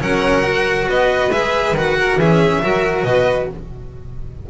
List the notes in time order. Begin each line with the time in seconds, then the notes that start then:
0.00 F#3 C#4 A#4 F#5
0.43 F#4
0.88 B3 B4 D#5
1.31 G#3 G#4 E5
1.72 D#3 F#4 F#5
1.98 A#4
2.17 E3 C#4 G#4 E5
2.63 F#3 F#4 A#4
3.03 B2 B4 D#5